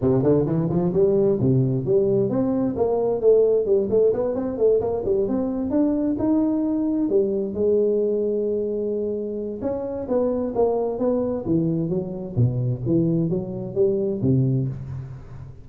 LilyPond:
\new Staff \with { instrumentName = "tuba" } { \time 4/4 \tempo 4 = 131 c8 d8 e8 f8 g4 c4 | g4 c'4 ais4 a4 | g8 a8 b8 c'8 a8 ais8 g8 c'8~ | c'8 d'4 dis'2 g8~ |
g8 gis2.~ gis8~ | gis4 cis'4 b4 ais4 | b4 e4 fis4 b,4 | e4 fis4 g4 c4 | }